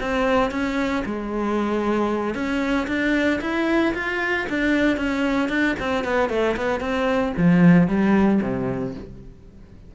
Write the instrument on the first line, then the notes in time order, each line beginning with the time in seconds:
cello
0.00 C4
0.51 C#4
1.05 G#3
2.34 C#4
2.87 D4
3.41 E4
3.94 F4
4.50 D4
4.97 C#4
5.49 D4
5.79 C4
6.04 B3
6.29 A3
6.57 B3
6.80 C4
7.37 F3
7.88 G3
8.42 C3